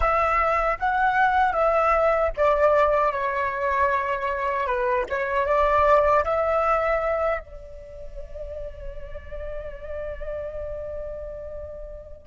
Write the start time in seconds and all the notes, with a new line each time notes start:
0.00 E5
0.78 F#5
1.52 E5
2.36 D5
3.12 C#5
4.66 B4
5.09 C#5
5.45 D5
6.24 E5
7.39 D5